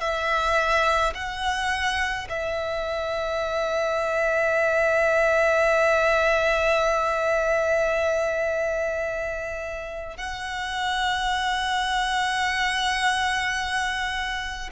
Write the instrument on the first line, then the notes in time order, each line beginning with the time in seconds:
violin
0.00 E5
1.15 F#5
2.29 E5
10.17 F#5